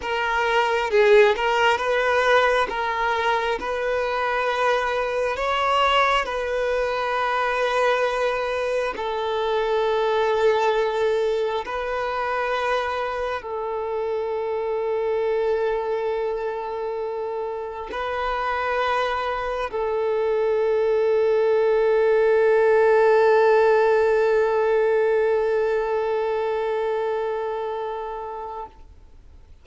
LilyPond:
\new Staff \with { instrumentName = "violin" } { \time 4/4 \tempo 4 = 67 ais'4 gis'8 ais'8 b'4 ais'4 | b'2 cis''4 b'4~ | b'2 a'2~ | a'4 b'2 a'4~ |
a'1 | b'2 a'2~ | a'1~ | a'1 | }